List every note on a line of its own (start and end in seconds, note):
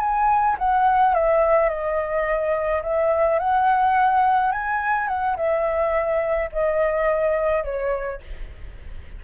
0.00 0.57 G#5
0.58 1.14 F#5
1.14 1.69 E5
1.69 2.82 D#5
2.83 3.39 E5
3.39 4.52 F#5
4.52 5.08 G#5
5.08 5.36 F#5
5.37 6.50 E5
6.52 7.64 D#5
7.64 8.20 C#5